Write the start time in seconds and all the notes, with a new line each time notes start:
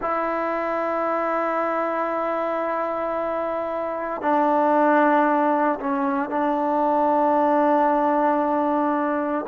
0.01 E4
4.21 D4
5.79 C#4
6.29 D4